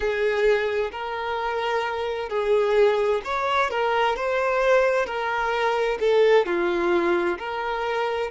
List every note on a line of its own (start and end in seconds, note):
0.00 0.90 G#4
0.91 2.29 A#4
2.29 3.21 G#4
3.24 3.70 C#5
3.70 4.15 A#4
4.15 5.06 C5
5.06 5.98 A#4
6.00 6.45 A4
6.45 7.38 F4
7.38 8.30 A#4